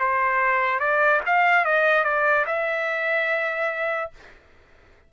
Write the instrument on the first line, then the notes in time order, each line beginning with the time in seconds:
trumpet
0.00 C5
0.80 D5
1.26 F5
1.65 D#5
2.04 D5
2.47 E5